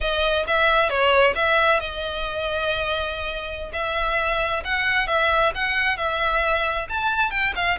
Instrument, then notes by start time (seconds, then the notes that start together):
violin
0.00 D#5
0.47 E5
0.89 C#5
1.35 E5
1.80 D#5
3.73 E5
4.64 F#5
5.07 E5
5.54 F#5
5.97 E5
6.89 A5
7.30 G5
7.55 F5